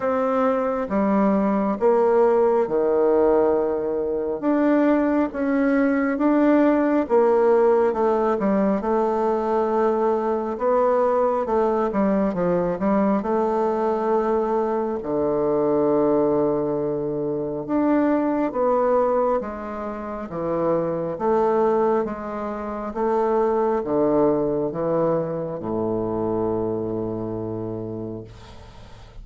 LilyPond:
\new Staff \with { instrumentName = "bassoon" } { \time 4/4 \tempo 4 = 68 c'4 g4 ais4 dis4~ | dis4 d'4 cis'4 d'4 | ais4 a8 g8 a2 | b4 a8 g8 f8 g8 a4~ |
a4 d2. | d'4 b4 gis4 e4 | a4 gis4 a4 d4 | e4 a,2. | }